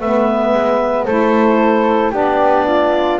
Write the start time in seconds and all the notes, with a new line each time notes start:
0.00 A3 B3 B4 E5
0.53 G#3
1.04 A3 E4 A4 C5
2.11 B3 D4 G4 D5
2.67 F4